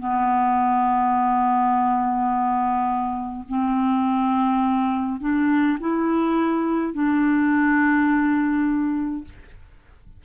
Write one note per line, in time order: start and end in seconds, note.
0.00 3.46 B3
3.49 5.21 C4
5.21 5.78 D4
5.81 6.94 E4
6.94 9.25 D4